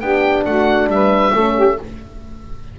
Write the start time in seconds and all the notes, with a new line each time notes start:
0.00 B3 D4 G4 G5
0.45 A3 F#4 F#5
0.87 G3 B4 E5
1.33 A3 C#4 A4
1.56 G4